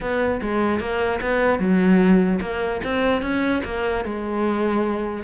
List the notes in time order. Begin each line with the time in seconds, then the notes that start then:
0.00 B3
0.41 G#3
0.79 A#3
1.21 B3
1.59 F#3
2.41 A#3
2.84 C4
3.22 C#4
3.64 A#3
4.05 G#3